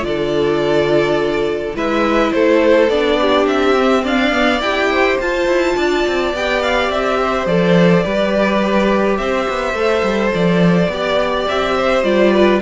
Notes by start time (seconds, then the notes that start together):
0.00 D3 F4 D5
0.07 A4
1.74 G#3 E4 B4 E5
2.32 A3 A4 C5
2.89 B3 D4 D5
3.21 G4
3.46 C4 E5
3.77 C4
4.03 D4 D5 F5
4.31 B3
4.60 E4 G4 G5
4.91 C5
5.20 F4 A5
5.47 E4
5.76 D4 D5
6.07 C4
6.33 B3 G4 G5
6.62 F5
6.89 C4 E5
7.22 C5
7.46 F3 A4 D5
8.04 G3 G4 B4
9.17 C4 C5 E5
9.49 B3
9.73 A3 A4
10.03 G3
10.34 F3 D5
10.88 B3 G4 D5
11.48 C4 E5
11.77 C5
12.03 G3 F4 D5
12.33 B4